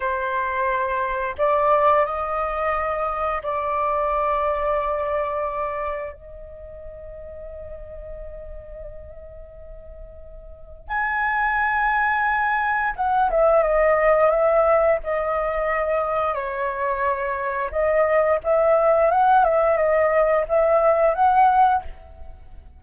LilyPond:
\new Staff \with { instrumentName = "flute" } { \time 4/4 \tempo 4 = 88 c''2 d''4 dis''4~ | dis''4 d''2.~ | d''4 dis''2.~ | dis''1 |
gis''2. fis''8 e''8 | dis''4 e''4 dis''2 | cis''2 dis''4 e''4 | fis''8 e''8 dis''4 e''4 fis''4 | }